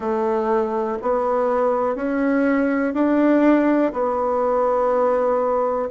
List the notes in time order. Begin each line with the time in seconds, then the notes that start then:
0.00 A3
1.01 B3
1.95 C#4
2.93 D4
3.92 B3